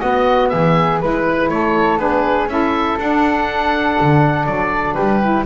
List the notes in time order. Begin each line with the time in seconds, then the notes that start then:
0.00 B3 F#4 D#5
0.49 E3 G#4 E5
1.01 G#3 E4 B4
1.49 A3 A4 C#5
1.97 B3 D4 G#4 B4
2.46 C#4 E4 A4 E5
2.99 D4 F#5
4.01 D3
4.46 F#3 D5
4.95 G3 G4 B4
5.22 E4